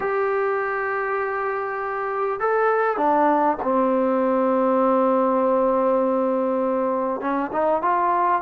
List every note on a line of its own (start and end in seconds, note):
0.00 2.40 G4
2.40 2.97 A4
2.97 3.57 D4
3.62 7.20 C4
7.20 7.50 C#4
7.52 7.82 D#4
7.82 8.41 F4